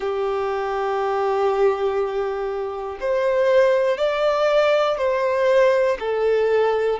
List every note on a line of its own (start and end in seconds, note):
0.00 2.98 G4
3.00 3.97 C5
3.97 4.97 D5
4.97 5.97 C5
6.00 6.99 A4